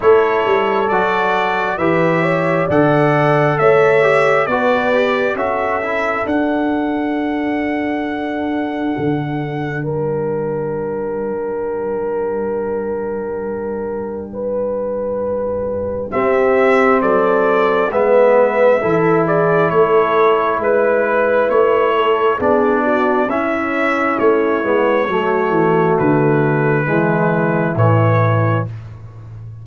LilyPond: <<
  \new Staff \with { instrumentName = "trumpet" } { \time 4/4 \tempo 4 = 67 cis''4 d''4 e''4 fis''4 | e''4 d''4 e''4 fis''4~ | fis''2. g''4~ | g''1~ |
g''2 e''4 d''4 | e''4. d''8 cis''4 b'4 | cis''4 d''4 e''4 cis''4~ | cis''4 b'2 cis''4 | }
  \new Staff \with { instrumentName = "horn" } { \time 4/4 a'2 b'8 cis''8 d''4 | cis''4 b'4 a'2~ | a'2. ais'4~ | ais'1 |
b'2 g'4 a'4 | b'4 a'8 gis'8 a'4 b'4~ | b'8 a'8 gis'8 fis'8 e'2 | fis'2 e'2 | }
  \new Staff \with { instrumentName = "trombone" } { \time 4/4 e'4 fis'4 g'4 a'4~ | a'8 g'8 fis'8 g'8 fis'8 e'8 d'4~ | d'1~ | d'1~ |
d'2 c'2 | b4 e'2.~ | e'4 d'4 cis'4. b8 | a2 gis4 e4 | }
  \new Staff \with { instrumentName = "tuba" } { \time 4/4 a8 g8 fis4 e4 d4 | a4 b4 cis'4 d'4~ | d'2 d4 g4~ | g1~ |
g2 c'4 fis4 | gis4 e4 a4 gis4 | a4 b4 cis'4 a8 gis8 | fis8 e8 d4 e4 a,4 | }
>>